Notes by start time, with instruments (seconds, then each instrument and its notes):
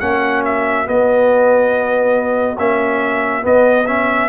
0.00 tuba A#3, trombone C#4, horn F#4, trumpet F#5
0.45 trumpet E5
0.86 trombone B3, tuba B3, trumpet D#5
2.58 tuba A#3, trombone C#4, trumpet E5
3.42 trombone B3, tuba B3, trumpet D#5
3.87 trombone C#4, trumpet E5